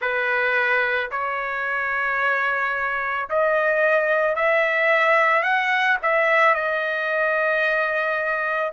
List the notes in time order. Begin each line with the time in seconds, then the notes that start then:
0.00 B4
1.11 C#5
3.29 D#5
4.35 E5
5.42 F#5
6.02 E5
6.54 D#5